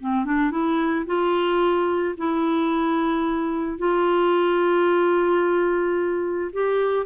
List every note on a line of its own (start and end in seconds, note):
0.00 0.25 C4
0.25 0.51 D4
0.51 1.05 E4
1.06 2.15 F4
2.17 3.78 E4
3.78 6.51 F4
6.53 7.06 G4